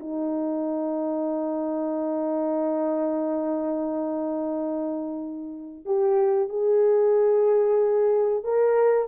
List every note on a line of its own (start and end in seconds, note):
0.00 5.86 D#4
5.86 6.50 G4
6.50 8.44 G#4
8.44 9.09 A#4